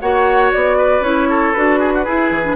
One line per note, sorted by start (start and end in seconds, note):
0.00 0.52 A#3
0.00 1.03 F#4
0.00 0.77 C#5
0.00 0.51 F#5
0.52 1.00 B3
0.52 1.03 D5
0.77 1.29 B4
1.00 1.51 C#4
1.00 1.54 E4
1.00 1.53 C#5
1.29 1.79 A4
1.53 2.07 D4
1.53 2.05 F#4
1.53 2.56 B4
1.79 1.92 G#4
1.94 2.05 F#4
2.05 2.44 E4
2.05 2.30 E4
2.05 2.56 G#4
2.30 2.56 E3
2.44 2.56 D4